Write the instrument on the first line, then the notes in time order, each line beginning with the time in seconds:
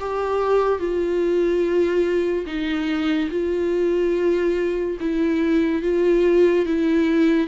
viola
0.00 G4
0.79 F4
2.46 D#4
3.31 F4
5.00 E4
5.83 F4
6.66 E4